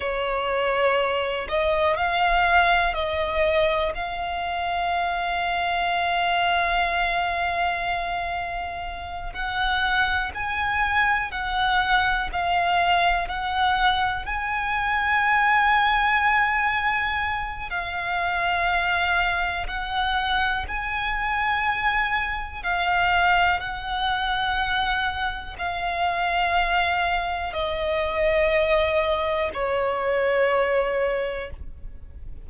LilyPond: \new Staff \with { instrumentName = "violin" } { \time 4/4 \tempo 4 = 61 cis''4. dis''8 f''4 dis''4 | f''1~ | f''4. fis''4 gis''4 fis''8~ | fis''8 f''4 fis''4 gis''4.~ |
gis''2 f''2 | fis''4 gis''2 f''4 | fis''2 f''2 | dis''2 cis''2 | }